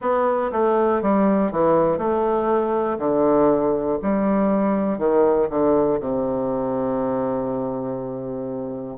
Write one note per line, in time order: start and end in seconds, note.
0.00 0.50 B3
0.51 1.01 A3
1.02 1.51 G3
1.51 1.97 E3
1.97 2.97 A3
2.98 3.98 D3
4.02 4.98 G3
4.98 5.48 D#3
5.49 5.99 D3
6.00 8.97 C3